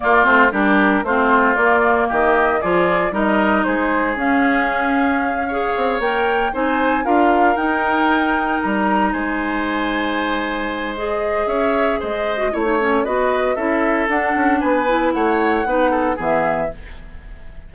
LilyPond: <<
  \new Staff \with { instrumentName = "flute" } { \time 4/4 \tempo 4 = 115 d''8 c''8 ais'4 c''4 d''4 | dis''4 d''4 dis''4 c''4 | f''2.~ f''8 g''8~ | g''8 gis''4 f''4 g''4.~ |
g''8 ais''4 gis''2~ gis''8~ | gis''4 dis''4 e''4 dis''4 | cis''4 dis''4 e''4 fis''4 | gis''4 fis''2 e''4 | }
  \new Staff \with { instrumentName = "oboe" } { \time 4/4 f'4 g'4 f'2 | g'4 gis'4 ais'4 gis'4~ | gis'2~ gis'8 cis''4.~ | cis''8 c''4 ais'2~ ais'8~ |
ais'4. c''2~ c''8~ | c''2 cis''4 c''4 | cis''4 b'4 a'2 | b'4 cis''4 b'8 a'8 gis'4 | }
  \new Staff \with { instrumentName = "clarinet" } { \time 4/4 ais8 c'8 d'4 c'4 ais4~ | ais4 f'4 dis'2 | cis'2~ cis'8 gis'4 ais'8~ | ais'8 dis'4 f'4 dis'4.~ |
dis'1~ | dis'4 gis'2~ gis'8. fis'16 | e'16 dis'16 cis'8 fis'4 e'4 d'4~ | d'8 e'4. dis'4 b4 | }
  \new Staff \with { instrumentName = "bassoon" } { \time 4/4 ais8 a8 g4 a4 ais4 | dis4 f4 g4 gis4 | cis'2. c'8 ais8~ | ais8 c'4 d'4 dis'4.~ |
dis'8 g4 gis2~ gis8~ | gis2 cis'4 gis4 | a4 b4 cis'4 d'8 cis'8 | b4 a4 b4 e4 | }
>>